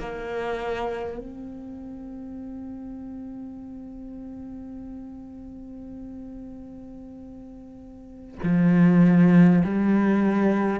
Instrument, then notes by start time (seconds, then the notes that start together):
cello
0.00 A#3
1.18 C4
8.43 F3
9.64 G3